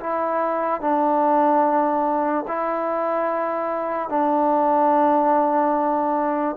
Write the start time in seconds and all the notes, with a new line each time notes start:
0.00 E4
0.81 D4
2.48 E4
4.09 D4